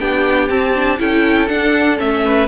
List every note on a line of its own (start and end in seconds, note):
0.00 0.50 B3
0.00 0.50 D4
0.00 1.00 G4
0.00 0.50 G5
0.50 0.99 C4
0.50 0.75 C4
0.50 0.99 A5
0.75 0.99 D4
0.99 1.49 C#4
0.99 1.48 E4
0.99 2.24 A4
0.99 1.48 G5
1.48 1.97 D4
1.48 2.00 D4
1.48 1.98 F#5
1.97 2.48 A3
1.97 2.47 C#4
1.97 2.48 E5
2.25 2.48 B4